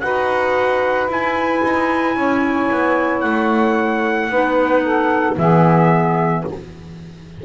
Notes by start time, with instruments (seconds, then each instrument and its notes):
0.00 double bass D#4, clarinet F#4, saxophone B4, trumpet F#5
1.08 double bass E4, clarinet E4, trumpet G#5
1.64 double bass D#4
2.16 double bass C#4, saxophone C#5
2.70 double bass B3
3.20 double bass A3, trumpet F#5
4.29 double bass B3, clarinet D#4, saxophone B4
4.83 saxophone A4
5.36 double bass E3, clarinet B3, saxophone G#4, trumpet E5